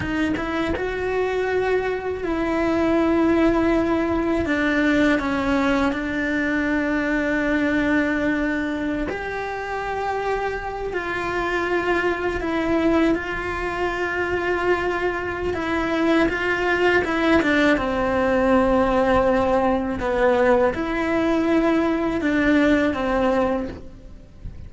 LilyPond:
\new Staff \with { instrumentName = "cello" } { \time 4/4 \tempo 4 = 81 dis'8 e'8 fis'2 e'4~ | e'2 d'4 cis'4 | d'1~ | d'16 g'2~ g'8 f'4~ f'16~ |
f'8. e'4 f'2~ f'16~ | f'4 e'4 f'4 e'8 d'8 | c'2. b4 | e'2 d'4 c'4 | }